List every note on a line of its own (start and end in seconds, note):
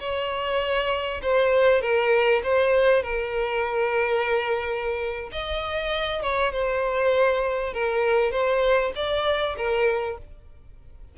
0.00 1.21 C#5
1.23 1.82 C5
1.82 2.42 A#4
2.44 3.03 C5
3.03 5.30 A#4
5.32 6.23 D#5
6.23 6.52 C#5
6.52 7.74 C5
7.74 8.32 A#4
8.32 8.92 C5
8.96 9.56 D5
9.58 10.18 A#4